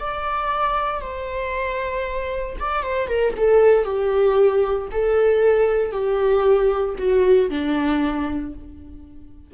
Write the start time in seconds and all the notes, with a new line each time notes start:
0.00 D5
1.01 C5
2.60 D5
2.83 C5
3.08 A#4
3.37 A4
3.85 G4
4.92 A4
5.92 G4
6.99 F#4
7.50 D4